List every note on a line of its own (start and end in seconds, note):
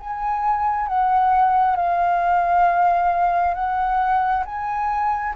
0.00 0.88 G#5
0.88 1.77 F#5
1.77 3.54 F5
3.54 4.44 F#5
4.46 5.35 G#5